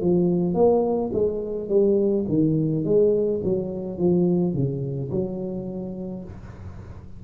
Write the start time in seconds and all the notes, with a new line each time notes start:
0.00 F3
0.54 A#3
1.13 G#3
1.68 G3
2.28 D#3
2.84 G#3
3.43 F#3
3.98 F3
4.53 C#3
5.10 F#3